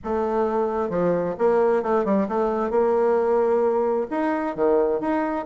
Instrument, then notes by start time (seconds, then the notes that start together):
bassoon
0.04 A3
0.89 F3
1.38 A#3
1.82 A3
2.05 G3
2.28 A3
2.70 A#3
4.10 D#4
4.55 D#3
5.00 D#4